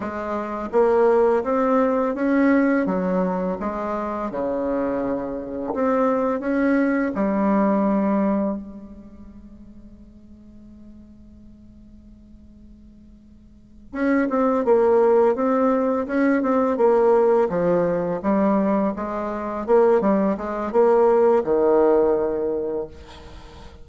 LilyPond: \new Staff \with { instrumentName = "bassoon" } { \time 4/4 \tempo 4 = 84 gis4 ais4 c'4 cis'4 | fis4 gis4 cis2 | c'4 cis'4 g2 | gis1~ |
gis2.~ gis8 cis'8 | c'8 ais4 c'4 cis'8 c'8 ais8~ | ais8 f4 g4 gis4 ais8 | g8 gis8 ais4 dis2 | }